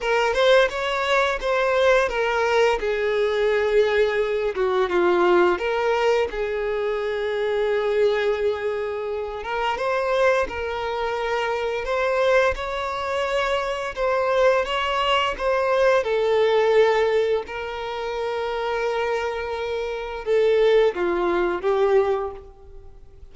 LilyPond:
\new Staff \with { instrumentName = "violin" } { \time 4/4 \tempo 4 = 86 ais'8 c''8 cis''4 c''4 ais'4 | gis'2~ gis'8 fis'8 f'4 | ais'4 gis'2.~ | gis'4. ais'8 c''4 ais'4~ |
ais'4 c''4 cis''2 | c''4 cis''4 c''4 a'4~ | a'4 ais'2.~ | ais'4 a'4 f'4 g'4 | }